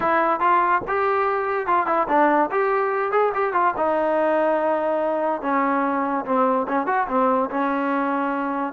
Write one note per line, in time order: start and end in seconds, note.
0.00 0.40 E4
0.40 0.81 F4
0.87 1.66 G4
1.66 1.86 F4
1.86 2.07 E4
2.08 2.49 D4
2.51 3.11 G4
3.11 3.32 G#4
3.34 3.53 G4
3.53 3.74 F4
3.77 5.41 D#4
5.41 6.25 C#4
6.25 6.66 C4
6.68 6.86 C#4
6.86 7.07 F#4
7.08 7.49 C4
7.49 8.73 C#4